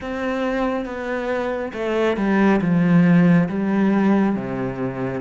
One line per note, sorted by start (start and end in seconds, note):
0.00 0.85 C4
0.85 1.72 B3
1.73 2.16 A3
2.17 2.60 G3
2.61 3.48 F3
3.48 4.35 G3
4.35 5.21 C3